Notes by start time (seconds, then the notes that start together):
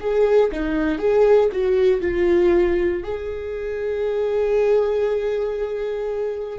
0.00 G#4
0.52 D#4
0.98 G#4
1.52 F#4
2.02 F4
3.03 G#4